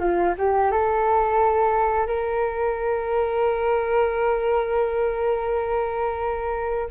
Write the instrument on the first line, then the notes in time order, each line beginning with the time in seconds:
flute
0.00 F4
0.39 G4
0.72 A4
2.07 A#4